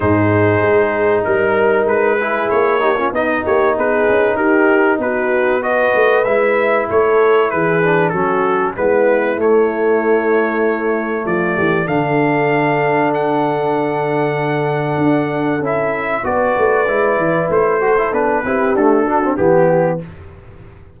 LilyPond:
<<
  \new Staff \with { instrumentName = "trumpet" } { \time 4/4 \tempo 4 = 96 c''2 ais'4 b'4 | cis''4 dis''8 cis''8 b'4 ais'4 | b'4 dis''4 e''4 cis''4 | b'4 a'4 b'4 cis''4~ |
cis''2 d''4 f''4~ | f''4 fis''2.~ | fis''4 e''4 d''2 | c''4 b'4 a'4 g'4 | }
  \new Staff \with { instrumentName = "horn" } { \time 4/4 gis'2 ais'4. gis'8~ | gis'8 g'16 f'16 dis'8 g'8 gis'4 g'4 | fis'4 b'2 a'4 | gis'4 fis'4 e'2~ |
e'2 f'8 g'8 a'4~ | a'1~ | a'2 b'2~ | b'8 a'4 g'4 fis'8 g'4 | }
  \new Staff \with { instrumentName = "trombone" } { \time 4/4 dis'2.~ dis'8 e'8~ | e'8 dis'16 cis'16 dis'2.~ | dis'4 fis'4 e'2~ | e'8 d'8 cis'4 b4 a4~ |
a2. d'4~ | d'1~ | d'4 e'4 fis'4 e'4~ | e'8 fis'16 e'16 d'8 e'8 a8 d'16 c'16 b4 | }
  \new Staff \with { instrumentName = "tuba" } { \time 4/4 gis,4 gis4 g4 gis4 | ais4 b8 ais8 b8 cis'8 dis'4 | b4. a8 gis4 a4 | e4 fis4 gis4 a4~ |
a2 f8 e8 d4~ | d1 | d'4 cis'4 b8 a8 gis8 e8 | a4 b8 c'8 d'4 e4 | }
>>